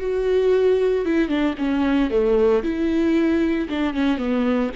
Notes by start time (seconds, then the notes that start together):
0.00 F#4
1.05 E4
1.28 D4
1.58 C#4
2.10 A3
2.63 E4
3.69 D4
3.93 C#4
4.17 B3